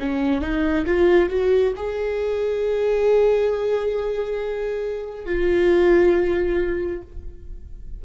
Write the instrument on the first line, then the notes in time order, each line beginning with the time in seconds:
viola
0.00 C#4
0.42 D#4
0.86 F4
1.30 F#4
1.76 G#4
5.26 F4